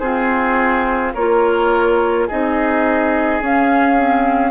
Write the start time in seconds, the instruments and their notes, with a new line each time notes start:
0.00 clarinet C4, bassoon F4, oboe G#4, flute C5
1.15 bassoon A#3, clarinet F4, oboe A#4, flute C#5
2.28 bassoon C4, clarinet D#4, oboe G#4, flute D#5
3.41 bassoon C#4, clarinet C#4, flute F5
3.97 clarinet C4